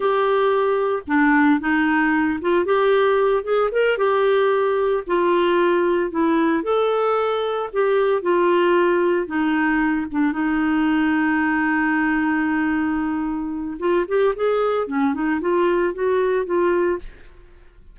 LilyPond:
\new Staff \with { instrumentName = "clarinet" } { \time 4/4 \tempo 4 = 113 g'2 d'4 dis'4~ | dis'8 f'8 g'4. gis'8 ais'8 g'8~ | g'4. f'2 e'8~ | e'8 a'2 g'4 f'8~ |
f'4. dis'4. d'8 dis'8~ | dis'1~ | dis'2 f'8 g'8 gis'4 | cis'8 dis'8 f'4 fis'4 f'4 | }